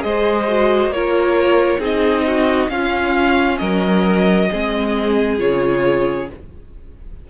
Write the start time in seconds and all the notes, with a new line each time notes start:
0.00 G#3 G#4 C5 D#5
0.48 F#4
0.88 A#3 C#5
0.94 F4 A#4
1.79 C4 D#4 G#4 D#5
2.27 F#4
2.69 C#4 F4 F5
3.58 F#3 A#4 D#5
4.51 G#3 C4 G#4
5.38 C#3 F4 C#5